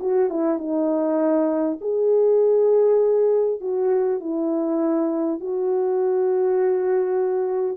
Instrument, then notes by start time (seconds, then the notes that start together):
horn
0.00 F#4
0.30 E4
0.59 D#4
1.81 G#4
3.61 F#4
4.21 E4
5.40 F#4